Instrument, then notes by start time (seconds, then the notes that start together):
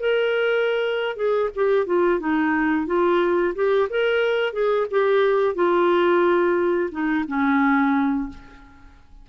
clarinet
0.00 A#4
1.16 G#4
1.56 G4
1.87 F4
2.20 D#4
2.87 F4
3.55 G4
3.90 A#4
4.53 G#4
4.91 G4
5.56 F4
6.92 D#4
7.28 C#4